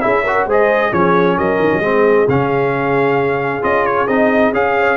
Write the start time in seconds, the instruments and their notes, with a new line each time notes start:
0.00 tuba C#4, trombone E4, horn G#4, trumpet E5
0.24 trombone F#4, horn A#4
0.46 tuba G#3, trombone G#4, horn C5, trumpet D#5
0.92 tuba F3, trombone C#4, horn G#4, trumpet C#5
1.37 tuba F#3, horn A#4, trumpet D#5
1.59 tuba D#3
1.73 tuba F#3
1.80 tuba G#3, trombone C4, horn G#4
2.27 tuba C#3, trombone C#4, trumpet F5
3.62 tuba C#4, trombone F4, trumpet D#5
3.86 trumpet C#5
4.07 tuba C4, trombone D#4, trumpet D#5
4.52 tuba C#4, trombone G#4, trumpet F5
4.79 horn C#5